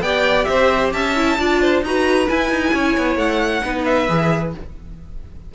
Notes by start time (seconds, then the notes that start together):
0.00 B3 G4 D5 G5
0.44 C4 C5 E5
0.92 C#4 E5 A5
1.15 E4
1.38 D4 F4 D5
1.61 C5
1.82 D#4 F#4 B4 A#5
2.27 E4 G#5
2.50 D#4
2.73 C#4 C#5
2.97 B3
3.16 A3 F#5
3.62 B3 D#4 B4
3.84 E5
4.08 E3 G#4